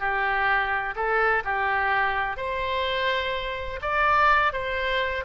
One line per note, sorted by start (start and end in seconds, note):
0.00 0.95 G4
0.96 1.44 A4
1.45 2.37 G4
2.37 3.80 C5
3.82 4.53 D5
4.53 5.24 C5